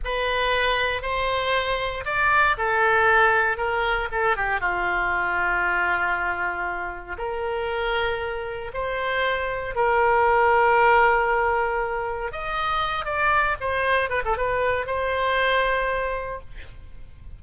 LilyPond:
\new Staff \with { instrumentName = "oboe" } { \time 4/4 \tempo 4 = 117 b'2 c''2 | d''4 a'2 ais'4 | a'8 g'8 f'2.~ | f'2 ais'2~ |
ais'4 c''2 ais'4~ | ais'1 | dis''4. d''4 c''4 b'16 a'16 | b'4 c''2. | }